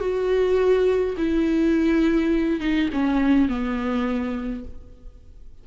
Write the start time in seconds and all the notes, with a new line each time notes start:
0.00 F#4
1.17 E4
2.60 D#4
2.93 C#4
3.48 B3